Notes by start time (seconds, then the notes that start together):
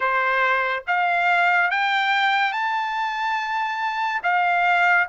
0.00 C5
0.87 F5
1.71 G5
2.52 A5
4.23 F5